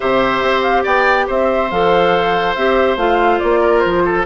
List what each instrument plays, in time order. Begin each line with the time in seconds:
0.00 bassoon C3, clarinet G4, oboe C5, flute E5
0.42 bassoon C4
0.62 flute F5
0.83 bassoon B3, oboe D5, flute G5
1.27 bassoon C4, oboe C5, flute E5
1.71 bassoon F3, clarinet A4, flute F5
2.54 bassoon C4, clarinet G4, flute E5
2.96 bassoon A3, clarinet F4, flute F5
3.39 bassoon A#3, flute D5
3.60 oboe A#4
3.79 bassoon F3, flute C5
4.04 oboe A4